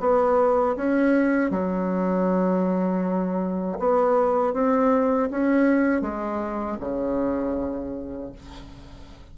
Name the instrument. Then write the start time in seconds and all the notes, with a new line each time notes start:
bassoon
0.00 B3
0.76 C#4
1.51 F#3
3.79 B3
4.53 C4
5.31 C#4
6.01 G#3
6.80 C#3